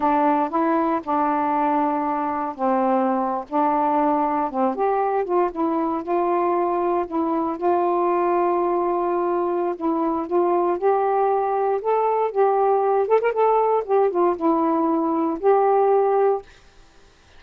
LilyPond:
\new Staff \with { instrumentName = "saxophone" } { \time 4/4 \tempo 4 = 117 d'4 e'4 d'2~ | d'4 c'4.~ c'16 d'4~ d'16~ | d'8. c'8 g'4 f'8 e'4 f'16~ | f'4.~ f'16 e'4 f'4~ f'16~ |
f'2. e'4 | f'4 g'2 a'4 | g'4. a'16 ais'16 a'4 g'8 f'8 | e'2 g'2 | }